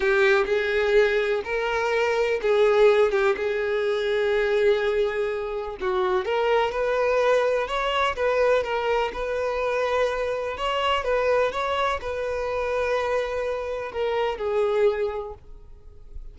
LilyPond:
\new Staff \with { instrumentName = "violin" } { \time 4/4 \tempo 4 = 125 g'4 gis'2 ais'4~ | ais'4 gis'4. g'8 gis'4~ | gis'1 | fis'4 ais'4 b'2 |
cis''4 b'4 ais'4 b'4~ | b'2 cis''4 b'4 | cis''4 b'2.~ | b'4 ais'4 gis'2 | }